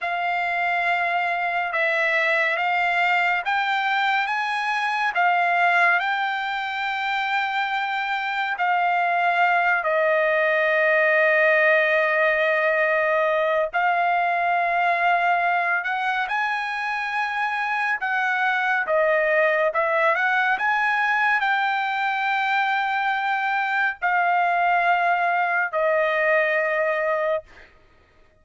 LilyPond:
\new Staff \with { instrumentName = "trumpet" } { \time 4/4 \tempo 4 = 70 f''2 e''4 f''4 | g''4 gis''4 f''4 g''4~ | g''2 f''4. dis''8~ | dis''1 |
f''2~ f''8 fis''8 gis''4~ | gis''4 fis''4 dis''4 e''8 fis''8 | gis''4 g''2. | f''2 dis''2 | }